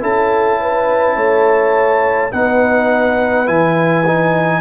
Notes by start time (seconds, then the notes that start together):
0.00 C#4 E4 A4 A5
0.60 B4
1.16 A3 C#5
2.31 B3 D#4 B4 F#5
3.46 E3 E4 G#5
4.06 D#4